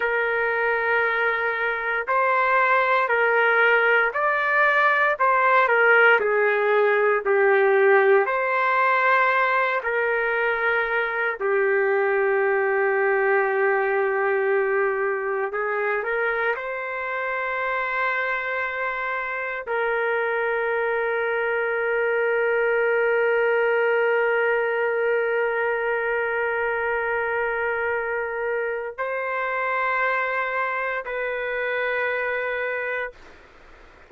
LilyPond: \new Staff \with { instrumentName = "trumpet" } { \time 4/4 \tempo 4 = 58 ais'2 c''4 ais'4 | d''4 c''8 ais'8 gis'4 g'4 | c''4. ais'4. g'4~ | g'2. gis'8 ais'8 |
c''2. ais'4~ | ais'1~ | ais'1 | c''2 b'2 | }